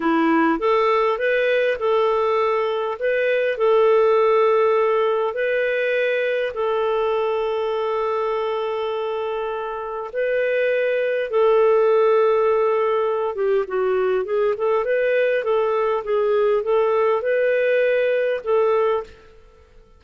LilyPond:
\new Staff \with { instrumentName = "clarinet" } { \time 4/4 \tempo 4 = 101 e'4 a'4 b'4 a'4~ | a'4 b'4 a'2~ | a'4 b'2 a'4~ | a'1~ |
a'4 b'2 a'4~ | a'2~ a'8 g'8 fis'4 | gis'8 a'8 b'4 a'4 gis'4 | a'4 b'2 a'4 | }